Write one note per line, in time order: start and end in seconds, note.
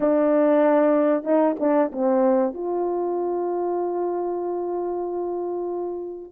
0.00 1.23 D4
1.23 1.55 D#4
1.59 1.91 D4
1.91 2.53 C4
2.53 6.32 F4